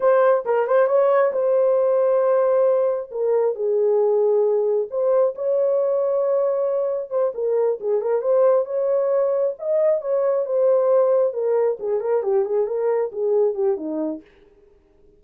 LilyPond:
\new Staff \with { instrumentName = "horn" } { \time 4/4 \tempo 4 = 135 c''4 ais'8 c''8 cis''4 c''4~ | c''2. ais'4 | gis'2. c''4 | cis''1 |
c''8 ais'4 gis'8 ais'8 c''4 cis''8~ | cis''4. dis''4 cis''4 c''8~ | c''4. ais'4 gis'8 ais'8 g'8 | gis'8 ais'4 gis'4 g'8 dis'4 | }